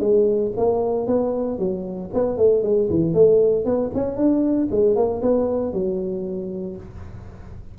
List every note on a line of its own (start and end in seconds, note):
0.00 0.52 G#3
0.57 1.07 A#3
1.07 1.59 B3
1.59 2.10 F#3
2.14 2.37 B3
2.37 2.63 A3
2.63 2.89 G#3
2.90 3.14 E3
3.14 3.65 A3
3.65 3.91 B3
3.95 4.17 C#4
4.17 4.68 D4
4.71 4.96 G#3
4.96 5.21 A#3
5.22 5.73 B3
5.73 6.77 F#3